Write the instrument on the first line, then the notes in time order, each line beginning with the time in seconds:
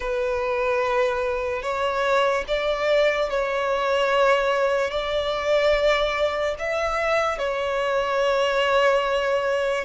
violin
0.00 B4
1.62 C#5
2.47 D5
3.30 C#5
4.90 D5
6.58 E5
7.38 C#5